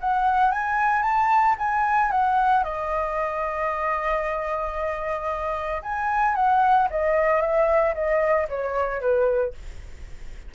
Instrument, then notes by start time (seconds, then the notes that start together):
flute
0.00 F#5
0.51 G#5
1.02 A5
1.58 G#5
2.11 F#5
2.63 D#5
5.82 G#5
6.35 F#5
6.90 D#5
7.41 E5
7.94 D#5
8.48 C#5
9.00 B4